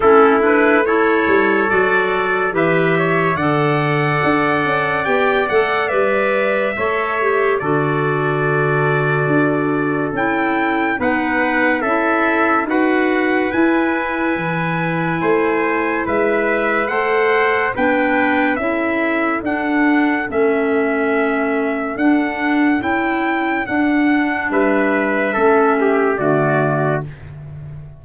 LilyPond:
<<
  \new Staff \with { instrumentName = "trumpet" } { \time 4/4 \tempo 4 = 71 a'8 b'8 cis''4 d''4 e''4 | fis''2 g''8 fis''8 e''4~ | e''4 d''2. | g''4 fis''4 e''4 fis''4 |
gis''2. e''4 | fis''4 g''4 e''4 fis''4 | e''2 fis''4 g''4 | fis''4 e''2 d''4 | }
  \new Staff \with { instrumentName = "trumpet" } { \time 4/4 e'4 a'2 b'8 cis''8 | d''1 | cis''4 a'2.~ | a'4 b'4 a'4 b'4~ |
b'2 c''4 b'4 | c''4 b'4 a'2~ | a'1~ | a'4 b'4 a'8 g'8 fis'4 | }
  \new Staff \with { instrumentName = "clarinet" } { \time 4/4 cis'8 d'8 e'4 fis'4 g'4 | a'2 g'8 a'8 b'4 | a'8 g'8 fis'2. | e'4 dis'4 e'4 fis'4 |
e'1 | a'4 d'4 e'4 d'4 | cis'2 d'4 e'4 | d'2 cis'4 a4 | }
  \new Staff \with { instrumentName = "tuba" } { \time 4/4 a4. g8 fis4 e4 | d4 d'8 cis'8 b8 a8 g4 | a4 d2 d'4 | cis'4 b4 cis'4 dis'4 |
e'4 e4 a4 gis4 | a4 b4 cis'4 d'4 | a2 d'4 cis'4 | d'4 g4 a4 d4 | }
>>